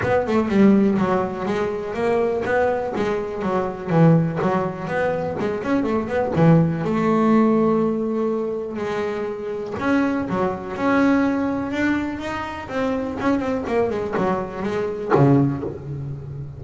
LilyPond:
\new Staff \with { instrumentName = "double bass" } { \time 4/4 \tempo 4 = 123 b8 a8 g4 fis4 gis4 | ais4 b4 gis4 fis4 | e4 fis4 b4 gis8 cis'8 | a8 b8 e4 a2~ |
a2 gis2 | cis'4 fis4 cis'2 | d'4 dis'4 c'4 cis'8 c'8 | ais8 gis8 fis4 gis4 cis4 | }